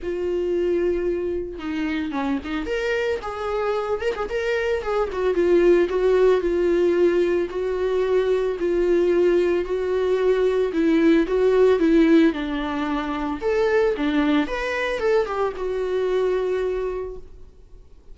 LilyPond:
\new Staff \with { instrumentName = "viola" } { \time 4/4 \tempo 4 = 112 f'2. dis'4 | cis'8 dis'8 ais'4 gis'4. ais'16 gis'16 | ais'4 gis'8 fis'8 f'4 fis'4 | f'2 fis'2 |
f'2 fis'2 | e'4 fis'4 e'4 d'4~ | d'4 a'4 d'4 b'4 | a'8 g'8 fis'2. | }